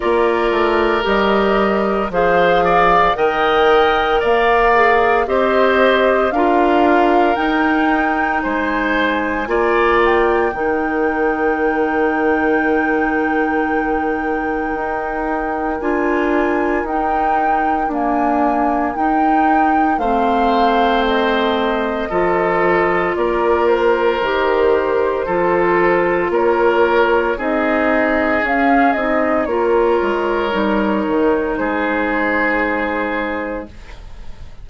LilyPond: <<
  \new Staff \with { instrumentName = "flute" } { \time 4/4 \tempo 4 = 57 d''4 dis''4 f''4 g''4 | f''4 dis''4 f''4 g''4 | gis''4. g''2~ g''8~ | g''2. gis''4 |
g''4 gis''4 g''4 f''4 | dis''2 d''8 c''4.~ | c''4 cis''4 dis''4 f''8 dis''8 | cis''2 c''2 | }
  \new Staff \with { instrumentName = "oboe" } { \time 4/4 ais'2 c''8 d''8 dis''4 | d''4 c''4 ais'2 | c''4 d''4 ais'2~ | ais'1~ |
ais'2. c''4~ | c''4 a'4 ais'2 | a'4 ais'4 gis'2 | ais'2 gis'2 | }
  \new Staff \with { instrumentName = "clarinet" } { \time 4/4 f'4 g'4 gis'4 ais'4~ | ais'8 gis'8 g'4 f'4 dis'4~ | dis'4 f'4 dis'2~ | dis'2. f'4 |
dis'4 ais4 dis'4 c'4~ | c'4 f'2 g'4 | f'2 dis'4 cis'8 dis'8 | f'4 dis'2. | }
  \new Staff \with { instrumentName = "bassoon" } { \time 4/4 ais8 a8 g4 f4 dis4 | ais4 c'4 d'4 dis'4 | gis4 ais4 dis2~ | dis2 dis'4 d'4 |
dis'4 d'4 dis'4 a4~ | a4 f4 ais4 dis4 | f4 ais4 c'4 cis'8 c'8 | ais8 gis8 g8 dis8 gis2 | }
>>